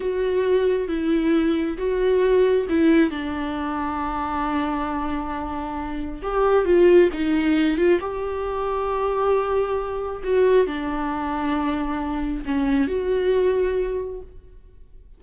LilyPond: \new Staff \with { instrumentName = "viola" } { \time 4/4 \tempo 4 = 135 fis'2 e'2 | fis'2 e'4 d'4~ | d'1~ | d'2 g'4 f'4 |
dis'4. f'8 g'2~ | g'2. fis'4 | d'1 | cis'4 fis'2. | }